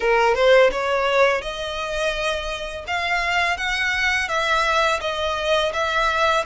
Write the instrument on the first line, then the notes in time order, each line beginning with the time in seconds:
violin
0.00 A#4
0.34 C5
0.71 C#5
1.41 D#5
2.87 F5
3.57 F#5
4.28 E5
5.00 D#5
5.73 E5